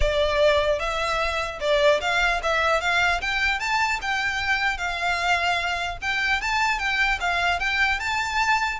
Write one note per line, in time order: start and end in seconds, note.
0.00 0.79 D5
0.79 1.59 E5
1.60 2.00 D5
2.00 2.40 F5
2.42 2.80 E5
2.80 3.20 F5
3.21 3.59 G5
3.59 3.99 A5
4.01 4.77 G5
4.77 5.97 F5
6.01 6.41 G5
6.41 6.79 A5
6.79 7.19 G5
7.20 7.59 F5
7.59 7.99 G5
7.99 8.79 A5